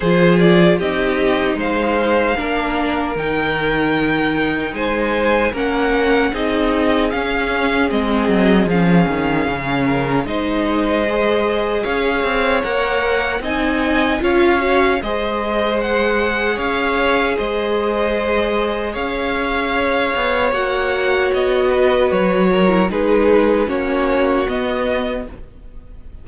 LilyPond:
<<
  \new Staff \with { instrumentName = "violin" } { \time 4/4 \tempo 4 = 76 c''8 d''8 dis''4 f''2 | g''2 gis''4 fis''4 | dis''4 f''4 dis''4 f''4~ | f''4 dis''2 f''4 |
fis''4 gis''4 f''4 dis''4 | fis''4 f''4 dis''2 | f''2 fis''4 dis''4 | cis''4 b'4 cis''4 dis''4 | }
  \new Staff \with { instrumentName = "violin" } { \time 4/4 gis'4 g'4 c''4 ais'4~ | ais'2 c''4 ais'4 | gis'1~ | gis'8 ais'8 c''2 cis''4~ |
cis''4 dis''4 cis''4 c''4~ | c''4 cis''4 c''2 | cis''2.~ cis''8 b'8~ | b'8 ais'8 gis'4 fis'2 | }
  \new Staff \with { instrumentName = "viola" } { \time 4/4 f'4 dis'2 d'4 | dis'2. cis'4 | dis'4 cis'4 c'4 cis'4~ | cis'4 dis'4 gis'2 |
ais'4 dis'4 f'8 fis'8 gis'4~ | gis'1~ | gis'2 fis'2~ | fis'8. e'16 dis'4 cis'4 b4 | }
  \new Staff \with { instrumentName = "cello" } { \time 4/4 f4 c'4 gis4 ais4 | dis2 gis4 ais4 | c'4 cis'4 gis8 fis8 f8 dis8 | cis4 gis2 cis'8 c'8 |
ais4 c'4 cis'4 gis4~ | gis4 cis'4 gis2 | cis'4. b8 ais4 b4 | fis4 gis4 ais4 b4 | }
>>